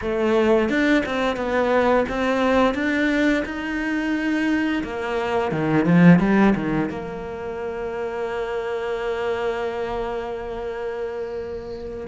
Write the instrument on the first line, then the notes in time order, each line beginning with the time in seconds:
cello
0.01 A3
0.69 D4
1.05 C4
1.36 B3
2.08 C4
2.74 D4
3.45 D#4
4.83 A#3
5.51 D#3
5.85 F3
6.19 G3
6.55 D#3
6.89 A#3